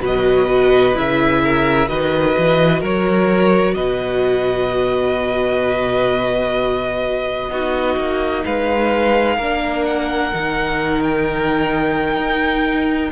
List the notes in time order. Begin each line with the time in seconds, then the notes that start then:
0.00 B2 F#3 B4 D#5
0.46 F#4
0.94 C#3 E4 E5
1.43 A#4
1.88 D#3 F#4 B4 D#5
2.38 E3
2.80 F#3 A#4 C#5
3.75 B2 B4 D#5
7.49 B3 D#4 F#4
7.96 A#3
8.45 G#3 B4 F5
9.37 A#3 D4 A#4
9.85 F#5
10.33 D#3 D#4
11.03 G5
12.17 D#4